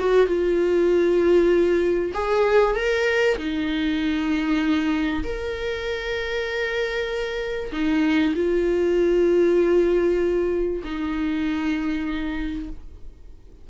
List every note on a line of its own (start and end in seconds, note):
0.00 0.27 F#4
0.27 2.13 F4
2.14 2.76 G#4
2.76 3.38 A#4
3.38 5.24 D#4
5.24 7.72 A#4
7.73 8.34 D#4
8.36 10.83 F4
10.84 12.70 D#4